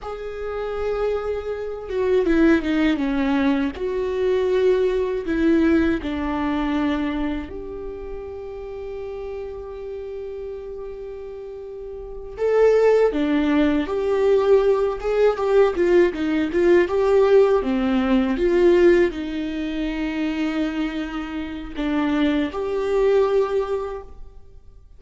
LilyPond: \new Staff \with { instrumentName = "viola" } { \time 4/4 \tempo 4 = 80 gis'2~ gis'8 fis'8 e'8 dis'8 | cis'4 fis'2 e'4 | d'2 g'2~ | g'1~ |
g'8 a'4 d'4 g'4. | gis'8 g'8 f'8 dis'8 f'8 g'4 c'8~ | c'8 f'4 dis'2~ dis'8~ | dis'4 d'4 g'2 | }